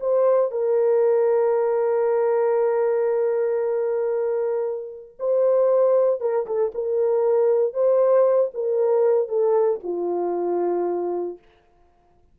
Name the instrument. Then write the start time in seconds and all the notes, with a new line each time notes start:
horn
0.00 C5
0.51 A#4
5.19 C5
6.20 A#4
6.46 A4
6.74 A#4
7.74 C5
8.54 A#4
9.28 A4
9.83 F4